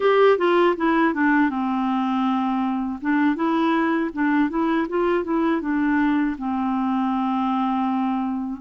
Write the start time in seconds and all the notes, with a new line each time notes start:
0.00 G4
0.38 F4
0.76 E4
1.14 D4
1.49 C4
3.01 D4
3.35 E4
4.13 D4
4.49 E4
4.89 F4
5.24 E4
5.61 D4
6.38 C4